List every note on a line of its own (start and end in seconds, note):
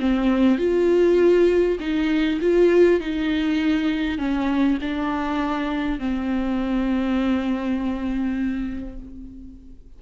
0.00 0.59 C4
0.59 1.79 F4
1.80 2.40 D#4
2.41 3.01 F4
3.01 4.19 D#4
4.19 4.79 C#4
4.82 5.99 D4
5.99 8.99 C4